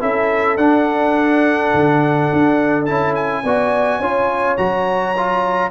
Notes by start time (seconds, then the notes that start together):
0.00 C#4 E4 A4 E5
0.57 D4 F#5
1.74 D3
2.32 D4
2.85 C#4 E4 A5
3.15 G#5
3.44 B3 F#4 D5
3.99 C#4 F4 C#5
4.57 F#3 F#4 A#5
5.17 F4